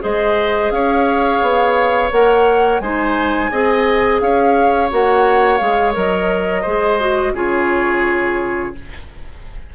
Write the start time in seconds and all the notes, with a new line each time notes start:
0.00 G#3 G#4 C5 D#5
0.71 C#4 C#5 F5
1.41 B3
2.11 A#3 A#4 F#5
2.80 G#3 D#4 C5 G#5
3.51 C4 G#4 D#5
4.20 C#4 C#5 F5
4.90 A#3 F#4 F#5
5.57 G#3 G#4 F5
5.92 F#3 A#4 D#5
6.62 G#3 G#4 C5
7.00 F#4
7.33 C#3 F4 G#4 C#5